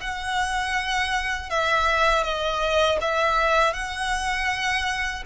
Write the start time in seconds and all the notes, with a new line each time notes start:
0.00 F#5
1.50 E5
2.23 D#5
3.01 E5
3.73 F#5